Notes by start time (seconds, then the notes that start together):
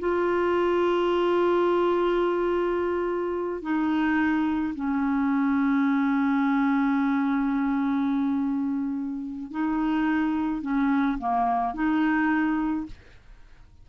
0.00 F4
3.62 D#4
4.75 C#4
9.51 D#4
10.62 C#4
11.18 A#3
11.74 D#4